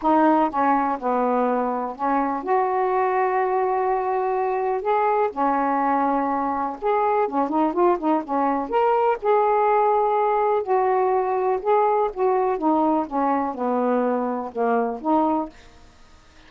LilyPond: \new Staff \with { instrumentName = "saxophone" } { \time 4/4 \tempo 4 = 124 dis'4 cis'4 b2 | cis'4 fis'2.~ | fis'2 gis'4 cis'4~ | cis'2 gis'4 cis'8 dis'8 |
f'8 dis'8 cis'4 ais'4 gis'4~ | gis'2 fis'2 | gis'4 fis'4 dis'4 cis'4 | b2 ais4 dis'4 | }